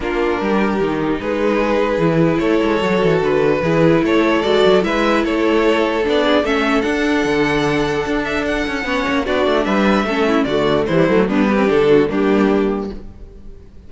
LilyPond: <<
  \new Staff \with { instrumentName = "violin" } { \time 4/4 \tempo 4 = 149 ais'2. b'4~ | b'2 cis''2 | b'2 cis''4 d''4 | e''4 cis''2 d''4 |
e''4 fis''2.~ | fis''8 e''8 fis''2 d''4 | e''2 d''4 c''4 | b'4 a'4 g'2 | }
  \new Staff \with { instrumentName = "violin" } { \time 4/4 f'4 g'2 gis'4~ | gis'2 a'2~ | a'4 gis'4 a'2 | b'4 a'2~ a'8 gis'8 |
a'1~ | a'2 cis''4 fis'4 | b'4 a'8 e'8 fis'4 e'4 | d'8 g'4 fis'8 d'2 | }
  \new Staff \with { instrumentName = "viola" } { \time 4/4 d'2 dis'2~ | dis'4 e'2 fis'4~ | fis'4 e'2 fis'4 | e'2. d'4 |
cis'4 d'2.~ | d'2 cis'4 d'4~ | d'4 cis'4 a4 g8 a8 | b8. c'16 d'4 ais2 | }
  \new Staff \with { instrumentName = "cello" } { \time 4/4 ais4 g4 dis4 gis4~ | gis4 e4 a8 gis8 fis8 e8 | d4 e4 a4 gis8 fis8 | gis4 a2 b4 |
a4 d'4 d2 | d'4. cis'8 b8 ais8 b8 a8 | g4 a4 d4 e8 fis8 | g4 d4 g2 | }
>>